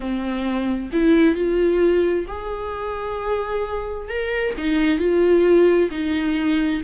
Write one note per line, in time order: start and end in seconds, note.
0.00 0.89 C4
0.92 1.35 E4
1.35 2.26 F4
2.27 4.08 G#4
4.08 4.54 A#4
4.57 4.98 D#4
4.98 5.89 F4
5.90 6.81 D#4